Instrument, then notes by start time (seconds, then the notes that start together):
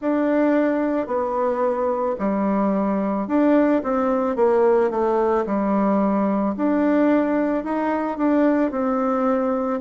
bassoon
0.01 D4
1.06 B3
2.18 G3
3.27 D4
3.83 C4
4.35 A#3
4.90 A3
5.45 G3
6.57 D4
7.64 D#4
8.17 D4
8.71 C4